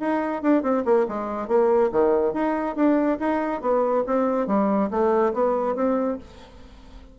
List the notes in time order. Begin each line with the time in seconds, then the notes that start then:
0.00 D#4
0.42 D4
0.62 C4
0.85 A#3
1.08 G#3
1.48 A#3
1.91 D#3
2.33 D#4
2.75 D4
3.19 D#4
3.61 B3
4.06 C4
4.47 G3
4.91 A3
5.33 B3
5.75 C4